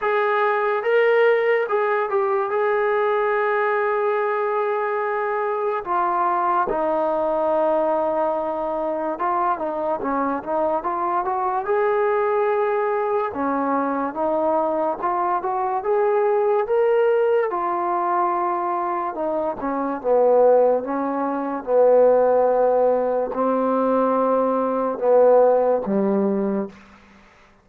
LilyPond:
\new Staff \with { instrumentName = "trombone" } { \time 4/4 \tempo 4 = 72 gis'4 ais'4 gis'8 g'8 gis'4~ | gis'2. f'4 | dis'2. f'8 dis'8 | cis'8 dis'8 f'8 fis'8 gis'2 |
cis'4 dis'4 f'8 fis'8 gis'4 | ais'4 f'2 dis'8 cis'8 | b4 cis'4 b2 | c'2 b4 g4 | }